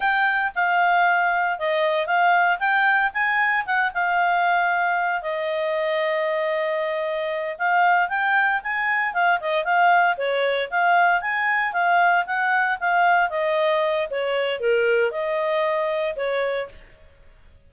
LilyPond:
\new Staff \with { instrumentName = "clarinet" } { \time 4/4 \tempo 4 = 115 g''4 f''2 dis''4 | f''4 g''4 gis''4 fis''8 f''8~ | f''2 dis''2~ | dis''2~ dis''8 f''4 g''8~ |
g''8 gis''4 f''8 dis''8 f''4 cis''8~ | cis''8 f''4 gis''4 f''4 fis''8~ | fis''8 f''4 dis''4. cis''4 | ais'4 dis''2 cis''4 | }